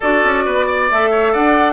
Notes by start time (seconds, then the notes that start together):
0.00 D4 F#4 A4 D5
0.23 C#4
0.45 B3 B4
0.66 D5
0.90 A3 A4 E5
1.10 C#5
1.32 D4 D5 F#5